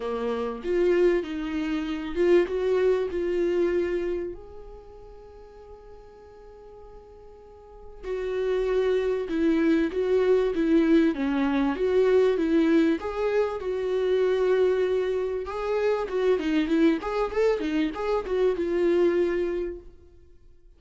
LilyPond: \new Staff \with { instrumentName = "viola" } { \time 4/4 \tempo 4 = 97 ais4 f'4 dis'4. f'8 | fis'4 f'2 gis'4~ | gis'1~ | gis'4 fis'2 e'4 |
fis'4 e'4 cis'4 fis'4 | e'4 gis'4 fis'2~ | fis'4 gis'4 fis'8 dis'8 e'8 gis'8 | a'8 dis'8 gis'8 fis'8 f'2 | }